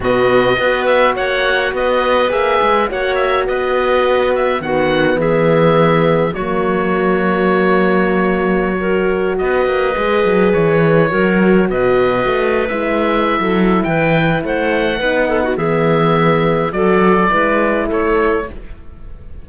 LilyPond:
<<
  \new Staff \with { instrumentName = "oboe" } { \time 4/4 \tempo 4 = 104 dis''4. e''8 fis''4 dis''4 | e''4 fis''8 e''8 dis''4. e''8 | fis''4 e''2 cis''4~ | cis''1~ |
cis''16 dis''2 cis''4.~ cis''16~ | cis''16 dis''4.~ dis''16 e''2 | g''4 fis''2 e''4~ | e''4 d''2 cis''4 | }
  \new Staff \with { instrumentName = "clarinet" } { \time 4/4 fis'4 b'4 cis''4 b'4~ | b'4 cis''4 b'2 | fis'4 gis'2 fis'4~ | fis'2.~ fis'16 ais'8.~ |
ais'16 b'2. ais'8.~ | ais'16 b'2. a'8. | b'4 c''4 b'8 a'16 fis'16 gis'4~ | gis'4 a'4 b'4 a'4 | }
  \new Staff \with { instrumentName = "horn" } { \time 4/4 b4 fis'2. | gis'4 fis'2. | b2. ais4~ | ais2.~ ais16 fis'8.~ |
fis'4~ fis'16 gis'2 fis'8.~ | fis'2 e'2~ | e'2 dis'4 b4~ | b4 fis'4 e'2 | }
  \new Staff \with { instrumentName = "cello" } { \time 4/4 b,4 b4 ais4 b4 | ais8 gis8 ais4 b2 | dis4 e2 fis4~ | fis1~ |
fis16 b8 ais8 gis8 fis8 e4 fis8.~ | fis16 b,4 a8. gis4~ gis16 fis8. | e4 a4 b4 e4~ | e4 fis4 gis4 a4 | }
>>